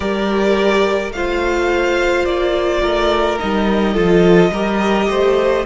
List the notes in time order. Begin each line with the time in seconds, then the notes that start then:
0.00 G3 G4 A#4 D5
1.09 A3 F4 C5 F5
2.24 A#3 D5
2.81 A3 A#4
3.39 G3 D#4 D#5
3.94 F3 F4 A4
4.50 G3 G4 A#4
5.09 A3 C5